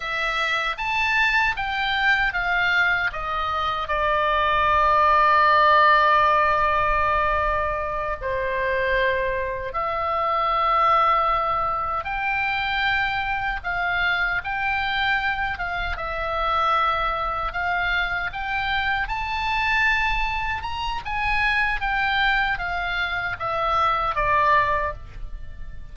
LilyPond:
\new Staff \with { instrumentName = "oboe" } { \time 4/4 \tempo 4 = 77 e''4 a''4 g''4 f''4 | dis''4 d''2.~ | d''2~ d''8 c''4.~ | c''8 e''2. g''8~ |
g''4. f''4 g''4. | f''8 e''2 f''4 g''8~ | g''8 a''2 ais''8 gis''4 | g''4 f''4 e''4 d''4 | }